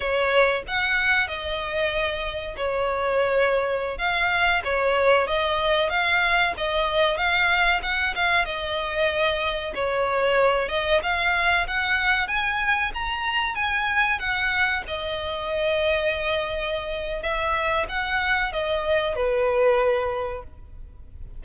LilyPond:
\new Staff \with { instrumentName = "violin" } { \time 4/4 \tempo 4 = 94 cis''4 fis''4 dis''2 | cis''2~ cis''16 f''4 cis''8.~ | cis''16 dis''4 f''4 dis''4 f''8.~ | f''16 fis''8 f''8 dis''2 cis''8.~ |
cis''8. dis''8 f''4 fis''4 gis''8.~ | gis''16 ais''4 gis''4 fis''4 dis''8.~ | dis''2. e''4 | fis''4 dis''4 b'2 | }